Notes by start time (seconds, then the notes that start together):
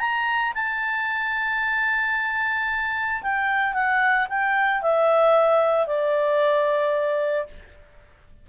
0.00 A#5
0.55 A5
3.23 G5
3.74 F#5
4.30 G5
4.83 E5
5.87 D5